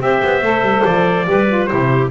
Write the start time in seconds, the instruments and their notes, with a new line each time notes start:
0.00 double bass C4, saxophone G4, clarinet C5, trumpet E5
0.23 double bass B3
0.42 double bass A3, saxophone A4
0.61 double bass G3
0.84 double bass F3, trumpet D5
1.25 double bass G3, saxophone G4, clarinet B4
1.47 saxophone F4
1.65 saxophone E4, clarinet G4, trumpet C5
1.73 double bass C3